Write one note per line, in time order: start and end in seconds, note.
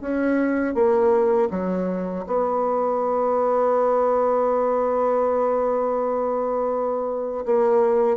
0.00 0.74 C#4
0.74 1.48 A#3
1.50 2.24 F#3
2.26 7.45 B3
7.45 8.16 A#3